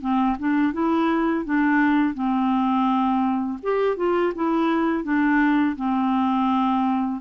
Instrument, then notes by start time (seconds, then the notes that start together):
clarinet
0.00 C4
0.39 D4
0.73 E4
1.45 D4
2.14 C4
3.62 G4
3.96 F4
4.35 E4
5.03 D4
5.76 C4